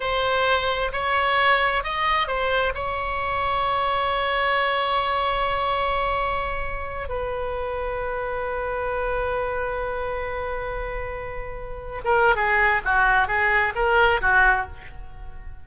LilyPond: \new Staff \with { instrumentName = "oboe" } { \time 4/4 \tempo 4 = 131 c''2 cis''2 | dis''4 c''4 cis''2~ | cis''1~ | cis''2.~ cis''8 b'8~ |
b'1~ | b'1~ | b'2~ b'16 ais'8. gis'4 | fis'4 gis'4 ais'4 fis'4 | }